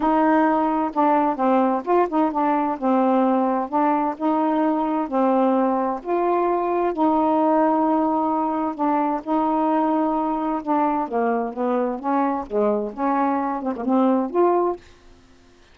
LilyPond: \new Staff \with { instrumentName = "saxophone" } { \time 4/4 \tempo 4 = 130 dis'2 d'4 c'4 | f'8 dis'8 d'4 c'2 | d'4 dis'2 c'4~ | c'4 f'2 dis'4~ |
dis'2. d'4 | dis'2. d'4 | ais4 b4 cis'4 gis4 | cis'4. c'16 ais16 c'4 f'4 | }